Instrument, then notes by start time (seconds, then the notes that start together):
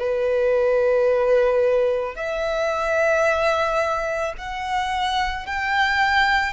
violin
0.00 B4
2.16 E5
4.38 F#5
5.46 G5